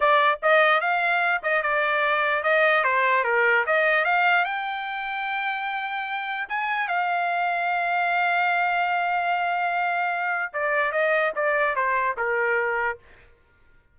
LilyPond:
\new Staff \with { instrumentName = "trumpet" } { \time 4/4 \tempo 4 = 148 d''4 dis''4 f''4. dis''8 | d''2 dis''4 c''4 | ais'4 dis''4 f''4 g''4~ | g''1 |
gis''4 f''2.~ | f''1~ | f''2 d''4 dis''4 | d''4 c''4 ais'2 | }